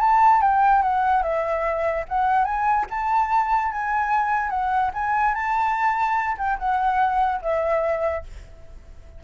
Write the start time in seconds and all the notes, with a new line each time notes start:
0.00 A5
0.41 G5
0.82 F#5
1.23 E5
2.08 F#5
2.45 G#5
2.90 A5
3.72 G#5
4.50 F#5
4.94 G#5
5.34 A5
6.37 G5
6.58 F#5
7.41 E5